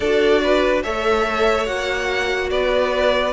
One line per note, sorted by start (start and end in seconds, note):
0.00 0.84 D4
0.00 0.84 F#4
0.00 0.41 A4
0.00 0.82 D5
0.43 0.83 B4
0.83 1.68 A3
0.83 1.66 A4
0.83 2.50 C#5
0.83 1.66 E5
1.66 2.51 A#3
1.66 3.32 F#4
1.66 2.49 F#5
2.50 3.33 B3
2.50 3.33 B4
2.50 3.33 D5